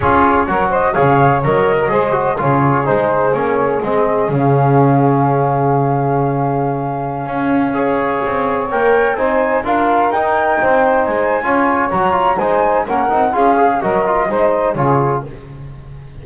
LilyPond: <<
  \new Staff \with { instrumentName = "flute" } { \time 4/4 \tempo 4 = 126 cis''4. dis''8 f''4 dis''4~ | dis''4 cis''4 c''4 cis''4 | dis''4 f''2.~ | f''1~ |
f''2~ f''16 g''4 gis''8.~ | gis''16 f''4 g''2 gis''8.~ | gis''4 ais''4 gis''4 fis''4 | f''4 dis''2 cis''4 | }
  \new Staff \with { instrumentName = "saxophone" } { \time 4/4 gis'4 ais'8 c''8 cis''4.~ cis''16 ais'16 | c''4 gis'2.~ | gis'1~ | gis'1~ |
gis'16 cis''2. c''8.~ | c''16 ais'2 c''4.~ c''16 | cis''2 c''4 ais'4 | gis'4 ais'4 c''4 gis'4 | }
  \new Staff \with { instrumentName = "trombone" } { \time 4/4 f'4 fis'4 gis'4 ais'4 | gis'8 fis'8 f'4 dis'4 cis'4 | c'4 cis'2.~ | cis'1~ |
cis'16 gis'2 ais'4 dis'8.~ | dis'16 f'4 dis'2~ dis'8. | f'4 fis'8 f'8 dis'4 cis'8 dis'8 | f'8 gis'8 fis'8 f'8 dis'4 f'4 | }
  \new Staff \with { instrumentName = "double bass" } { \time 4/4 cis'4 fis4 cis4 fis4 | gis4 cis4 gis4 ais4 | gis4 cis2.~ | cis2.~ cis16 cis'8.~ |
cis'4~ cis'16 c'4 ais4 c'8.~ | c'16 d'4 dis'4 c'4 gis8. | cis'4 fis4 gis4 ais8 c'8 | cis'4 fis4 gis4 cis4 | }
>>